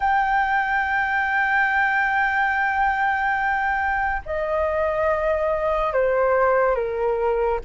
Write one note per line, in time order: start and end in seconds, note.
0.00 4.22 G5
4.25 5.93 D#5
5.93 6.75 C5
6.75 7.59 A#4